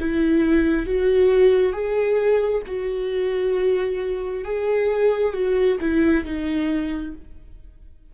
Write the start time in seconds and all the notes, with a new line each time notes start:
0.00 E4
0.86 F#4
1.73 G#4
2.67 F#4
4.45 G#4
5.33 F#4
5.80 E4
6.24 D#4